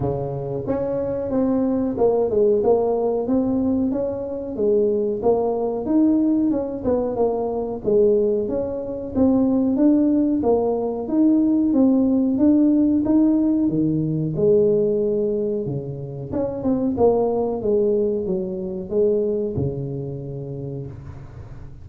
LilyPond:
\new Staff \with { instrumentName = "tuba" } { \time 4/4 \tempo 4 = 92 cis4 cis'4 c'4 ais8 gis8 | ais4 c'4 cis'4 gis4 | ais4 dis'4 cis'8 b8 ais4 | gis4 cis'4 c'4 d'4 |
ais4 dis'4 c'4 d'4 | dis'4 dis4 gis2 | cis4 cis'8 c'8 ais4 gis4 | fis4 gis4 cis2 | }